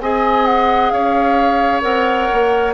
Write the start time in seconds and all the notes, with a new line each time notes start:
0.00 C4 G#4 D#5 G#5
0.45 F#5
0.90 C#4 C#5 F5
1.81 C4 A#4 F#5
2.32 A#3